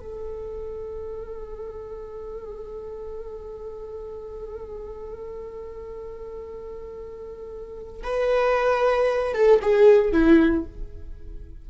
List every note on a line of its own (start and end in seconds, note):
0.00 8.03 A4
8.04 9.34 B4
9.34 9.60 A4
9.62 10.12 G#4
10.12 10.65 E4